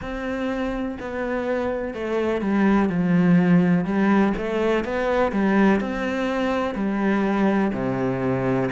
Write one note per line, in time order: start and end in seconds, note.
0.01 0.98 C4
0.99 1.94 B3
1.94 2.41 A3
2.41 2.89 G3
2.89 3.84 F3
3.84 4.33 G3
4.37 4.84 A3
4.84 5.32 B3
5.32 5.80 G3
5.80 6.75 C4
6.75 7.72 G3
7.72 8.69 C3